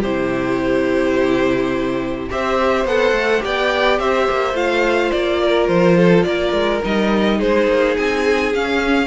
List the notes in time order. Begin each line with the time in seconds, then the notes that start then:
0.00 C3 E4 G4 C5
2.29 C4 G4 C5 E5
2.84 B3 A4 F#5
3.12 A3
3.40 B3 G4 D5 G5
3.99 C4 C5 E5
4.30 A#3
4.53 A3 F4 F5
5.11 A#3 D5
5.43 A#4
5.67 F3 C5
5.97 A4
6.23 A#3 A#4 D5
6.52 G#3
6.83 G3 D#4 D#5
7.37 G#3 G#4 C5
7.67 A#3
7.96 C4 G#5
8.54 C#4 F5